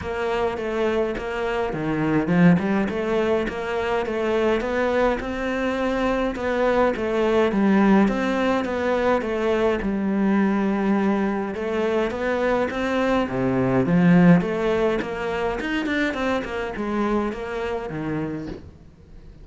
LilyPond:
\new Staff \with { instrumentName = "cello" } { \time 4/4 \tempo 4 = 104 ais4 a4 ais4 dis4 | f8 g8 a4 ais4 a4 | b4 c'2 b4 | a4 g4 c'4 b4 |
a4 g2. | a4 b4 c'4 c4 | f4 a4 ais4 dis'8 d'8 | c'8 ais8 gis4 ais4 dis4 | }